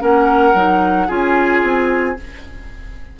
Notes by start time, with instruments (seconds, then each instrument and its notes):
0.00 bassoon A#3, clarinet C#4, oboe A#4, flute F#5
0.54 bassoon F#3, clarinet D#4
1.08 bassoon C#4, clarinet F4, oboe G#4, flute G#5
1.63 bassoon C4